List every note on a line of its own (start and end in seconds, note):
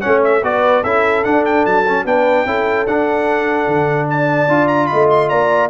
0.00 0.43 A3
0.00 0.41 C#4
0.00 0.41 C#5
0.00 0.20 F#5
0.24 0.44 E5
0.43 0.83 B3
0.43 0.84 F#4
0.43 0.82 B4
0.43 0.83 D5
0.82 1.24 C#4
0.82 1.24 E4
0.82 2.04 A4
0.82 1.24 E5
1.24 1.85 D4
1.24 1.65 D4
1.24 1.44 F#5
1.45 1.65 G5
1.65 2.04 F#3
1.65 2.06 A5
1.87 2.06 C#4
2.04 2.45 B3
2.04 2.46 D4
2.04 2.46 B4
2.04 2.87 G5
2.45 2.86 C#4
2.45 2.87 E4
2.45 4.08 A4
2.86 3.67 D4
2.86 4.48 D4
2.86 4.08 F#5
3.67 4.48 D3
4.09 4.89 D5
4.09 4.67 A5
4.48 4.88 D4
4.48 5.69 F4
4.67 4.86 A#5
4.86 5.29 D#5
4.86 5.07 B5
4.93 5.31 A3
5.10 5.29 C6
5.29 5.69 A#3
5.29 5.69 D5
5.29 5.69 A#5